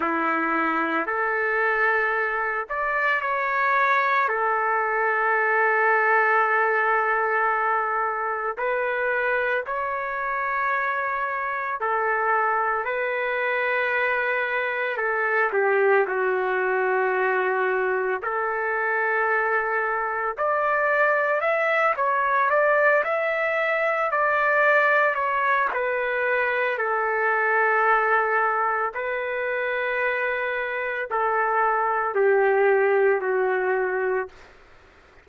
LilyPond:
\new Staff \with { instrumentName = "trumpet" } { \time 4/4 \tempo 4 = 56 e'4 a'4. d''8 cis''4 | a'1 | b'4 cis''2 a'4 | b'2 a'8 g'8 fis'4~ |
fis'4 a'2 d''4 | e''8 cis''8 d''8 e''4 d''4 cis''8 | b'4 a'2 b'4~ | b'4 a'4 g'4 fis'4 | }